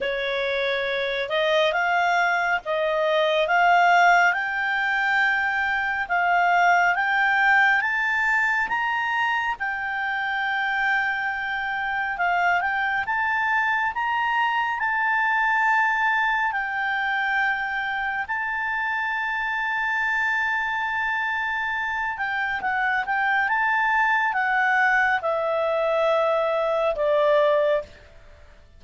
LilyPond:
\new Staff \with { instrumentName = "clarinet" } { \time 4/4 \tempo 4 = 69 cis''4. dis''8 f''4 dis''4 | f''4 g''2 f''4 | g''4 a''4 ais''4 g''4~ | g''2 f''8 g''8 a''4 |
ais''4 a''2 g''4~ | g''4 a''2.~ | a''4. g''8 fis''8 g''8 a''4 | fis''4 e''2 d''4 | }